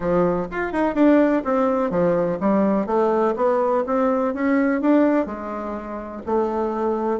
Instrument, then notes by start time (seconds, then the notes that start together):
bassoon
0.00 F3
0.51 F4
0.72 D#4
0.94 D4
1.44 C4
1.90 F3
2.40 G3
2.86 A3
3.36 B3
3.86 C4
4.34 C#4
4.81 D4
5.26 G#3
6.25 A3